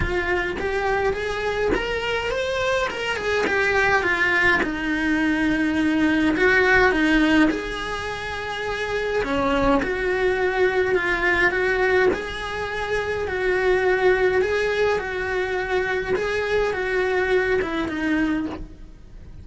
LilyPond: \new Staff \with { instrumentName = "cello" } { \time 4/4 \tempo 4 = 104 f'4 g'4 gis'4 ais'4 | c''4 ais'8 gis'8 g'4 f'4 | dis'2. fis'4 | dis'4 gis'2. |
cis'4 fis'2 f'4 | fis'4 gis'2 fis'4~ | fis'4 gis'4 fis'2 | gis'4 fis'4. e'8 dis'4 | }